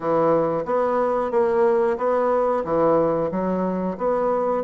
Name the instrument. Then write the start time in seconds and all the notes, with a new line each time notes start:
bassoon
0.00 E3
0.65 B3
1.31 A#3
1.97 B3
2.64 E3
3.31 F#3
3.97 B3